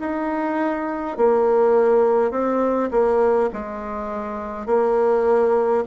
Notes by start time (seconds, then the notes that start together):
0.00 D#4
1.17 A#3
2.31 C4
2.91 A#3
3.53 G#3
4.66 A#3